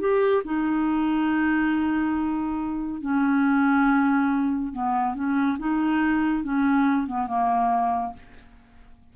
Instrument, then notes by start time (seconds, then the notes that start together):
clarinet
0.00 G4
0.45 D#4
3.02 C#4
4.73 B3
5.15 C#4
5.59 D#4
6.44 C#4
7.07 B3
7.27 A#3